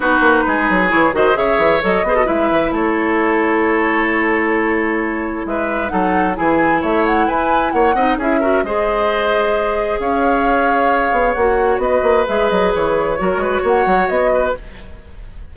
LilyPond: <<
  \new Staff \with { instrumentName = "flute" } { \time 4/4 \tempo 4 = 132 b'2 cis''8 dis''8 e''4 | dis''4 e''4 cis''2~ | cis''1 | e''4 fis''4 gis''4 e''8 fis''8 |
gis''4 fis''4 e''4 dis''4~ | dis''2 f''2~ | f''4 fis''4 dis''4 e''8 dis''8 | cis''2 fis''4 dis''4 | }
  \new Staff \with { instrumentName = "oboe" } { \time 4/4 fis'4 gis'4. c''8 cis''4~ | cis''8 c''16 a'16 b'4 a'2~ | a'1 | b'4 a'4 gis'4 cis''4 |
b'4 cis''8 dis''8 gis'8 ais'8 c''4~ | c''2 cis''2~ | cis''2 b'2~ | b'4 ais'8 b'8 cis''4. b'8 | }
  \new Staff \with { instrumentName = "clarinet" } { \time 4/4 dis'2 e'8 fis'8 gis'4 | a'8 gis'16 fis'16 e'2.~ | e'1~ | e'4 dis'4 e'2~ |
e'4. dis'8 e'8 fis'8 gis'4~ | gis'1~ | gis'4 fis'2 gis'4~ | gis'4 fis'2. | }
  \new Staff \with { instrumentName = "bassoon" } { \time 4/4 b8 ais8 gis8 fis8 e8 dis8 cis8 e8 | fis8 b8 gis8 e8 a2~ | a1 | gis4 fis4 e4 a4 |
e'4 ais8 c'8 cis'4 gis4~ | gis2 cis'2~ | cis'8 b8 ais4 b8 ais8 gis8 fis8 | e4 fis8 gis8 ais8 fis8 b4 | }
>>